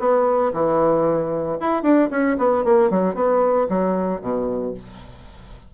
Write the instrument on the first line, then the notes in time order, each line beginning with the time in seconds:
bassoon
0.00 B3
0.53 E3
1.60 E4
1.83 D4
2.11 C#4
2.38 B3
2.65 A#3
2.91 F#3
3.15 B3
3.69 F#3
4.22 B2